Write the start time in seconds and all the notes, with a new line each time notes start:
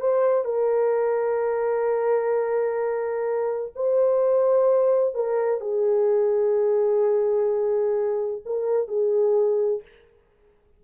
0.00 C5
0.44 A#4
3.75 C5
5.14 A#4
5.60 G#4
8.45 A#4
8.88 G#4